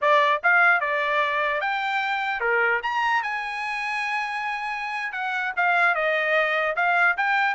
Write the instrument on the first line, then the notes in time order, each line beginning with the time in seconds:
trumpet
0.01 D5
0.43 F5
0.80 D5
1.61 G5
2.40 A#4
2.82 A#5
3.23 G#5
5.12 F#5
5.56 F5
5.94 D#5
6.75 F5
7.17 G5